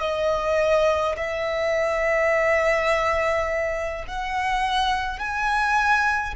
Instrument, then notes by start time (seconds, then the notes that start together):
violin
0.00 D#5
1.16 E5
4.07 F#5
5.18 G#5